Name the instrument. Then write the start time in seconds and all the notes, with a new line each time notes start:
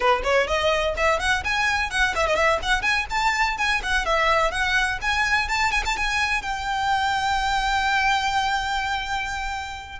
violin
0.00 B4
0.23 C#5
0.47 D#5
0.97 E5
1.19 F#5
1.44 G#5
1.90 F#5
2.15 E5
2.26 D#5
2.35 E5
2.62 F#5
2.82 G#5
3.10 A5
3.57 G#5
3.82 F#5
4.05 E5
4.51 F#5
5.01 G#5
5.48 A5
5.71 G#5
5.85 A5
5.97 G#5
6.42 G5